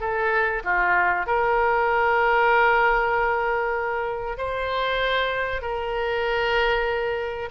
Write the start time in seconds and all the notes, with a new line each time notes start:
0.00 A4
0.64 F4
1.26 A#4
4.38 C5
5.62 A#4